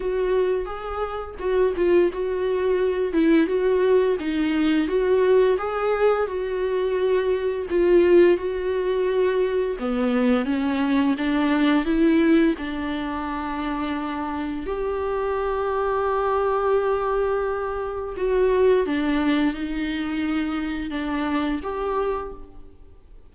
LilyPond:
\new Staff \with { instrumentName = "viola" } { \time 4/4 \tempo 4 = 86 fis'4 gis'4 fis'8 f'8 fis'4~ | fis'8 e'8 fis'4 dis'4 fis'4 | gis'4 fis'2 f'4 | fis'2 b4 cis'4 |
d'4 e'4 d'2~ | d'4 g'2.~ | g'2 fis'4 d'4 | dis'2 d'4 g'4 | }